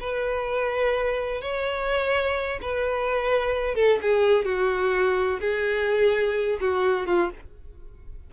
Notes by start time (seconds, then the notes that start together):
0.00 B4
1.41 C#5
2.61 B4
3.75 A4
4.02 G#4
4.45 F#4
5.40 G#4
6.60 F#4
7.07 F4